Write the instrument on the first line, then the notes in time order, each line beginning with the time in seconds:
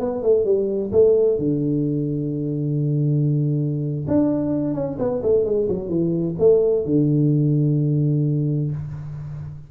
tuba
0.00 B3
0.23 A3
0.45 G3
0.92 A3
1.39 D3
4.08 D4
4.74 C#4
4.99 B3
5.23 A3
5.45 G#3
5.69 F#3
5.89 E3
6.39 A3
6.86 D3